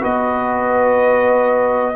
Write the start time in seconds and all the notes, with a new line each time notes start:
0.00 B3 F#4 B4 D#5